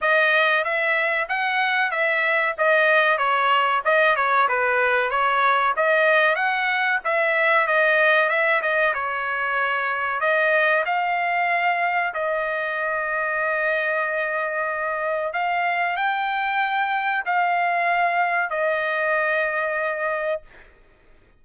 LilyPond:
\new Staff \with { instrumentName = "trumpet" } { \time 4/4 \tempo 4 = 94 dis''4 e''4 fis''4 e''4 | dis''4 cis''4 dis''8 cis''8 b'4 | cis''4 dis''4 fis''4 e''4 | dis''4 e''8 dis''8 cis''2 |
dis''4 f''2 dis''4~ | dis''1 | f''4 g''2 f''4~ | f''4 dis''2. | }